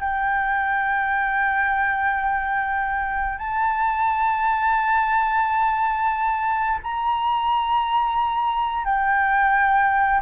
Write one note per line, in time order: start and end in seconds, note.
0.00 3.38 G5
3.38 6.79 A5
6.83 8.85 A#5
8.85 10.21 G5